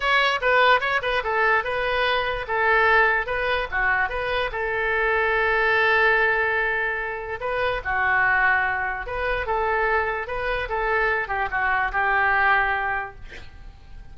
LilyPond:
\new Staff \with { instrumentName = "oboe" } { \time 4/4 \tempo 4 = 146 cis''4 b'4 cis''8 b'8 a'4 | b'2 a'2 | b'4 fis'4 b'4 a'4~ | a'1~ |
a'2 b'4 fis'4~ | fis'2 b'4 a'4~ | a'4 b'4 a'4. g'8 | fis'4 g'2. | }